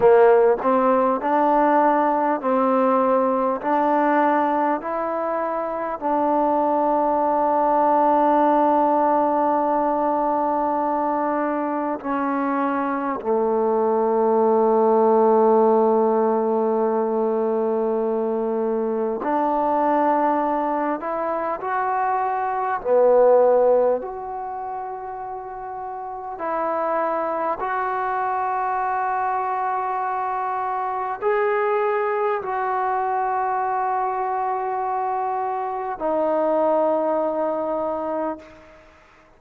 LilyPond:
\new Staff \with { instrumentName = "trombone" } { \time 4/4 \tempo 4 = 50 ais8 c'8 d'4 c'4 d'4 | e'4 d'2.~ | d'2 cis'4 a4~ | a1 |
d'4. e'8 fis'4 b4 | fis'2 e'4 fis'4~ | fis'2 gis'4 fis'4~ | fis'2 dis'2 | }